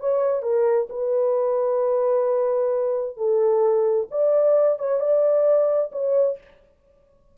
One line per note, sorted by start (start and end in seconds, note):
0.00 0.43 C#5
0.43 0.88 A#4
0.90 3.17 B4
3.17 4.08 A4
4.11 4.79 D5
4.79 5.00 C#5
5.00 5.91 D5
5.92 6.37 C#5